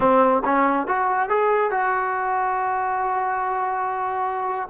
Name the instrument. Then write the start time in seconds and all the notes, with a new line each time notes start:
trombone
0.00 C4
0.44 C#4
0.87 F#4
1.29 G#4
1.71 F#4